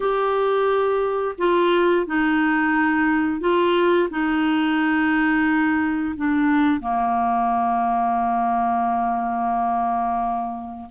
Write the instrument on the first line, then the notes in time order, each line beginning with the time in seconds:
clarinet
0.00 G4
1.38 F4
2.06 D#4
3.40 F4
4.10 D#4
6.16 D4
6.80 A#3